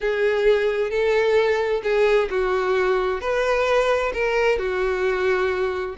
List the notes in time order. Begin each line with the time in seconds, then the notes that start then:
0.00 G#4
0.90 A4
1.83 G#4
2.30 F#4
3.20 B4
4.13 A#4
4.58 F#4